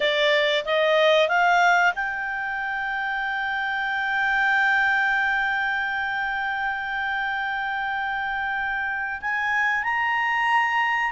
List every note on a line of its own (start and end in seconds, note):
0.00 0.64 D5
0.65 1.28 D#5
1.28 1.93 F5
1.95 9.21 G5
9.21 9.83 G#5
9.83 11.11 A#5